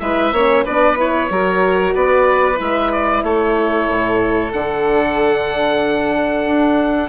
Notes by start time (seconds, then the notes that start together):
0.00 G#3 E4 B4 E5
0.32 A#3 C#4 C#5
0.64 B3 D4 B4 D5
0.97 E4 C#5
1.30 F#3 F#4 A#4
1.95 B3 B4 D5
2.57 G#3 E4 E5
2.92 D5
3.23 A3 A4 C#5
3.89 A2
4.53 D3 D4 F#5
6.46 D4